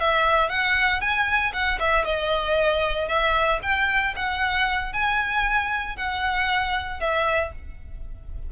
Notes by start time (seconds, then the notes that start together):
0.00 E5
0.49 F#5
1.01 G#5
1.53 F#5
1.80 E5
2.05 D#5
3.08 E5
3.63 G5
4.16 F#5
4.93 G#5
5.96 F#5
7.00 E5